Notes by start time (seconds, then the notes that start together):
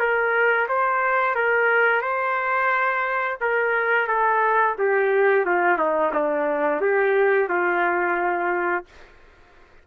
0.00 A#4
0.69 C5
1.36 A#4
2.02 C5
3.41 A#4
4.08 A4
4.79 G4
5.46 F4
5.78 D#4
6.14 D4
6.81 G4
7.49 F4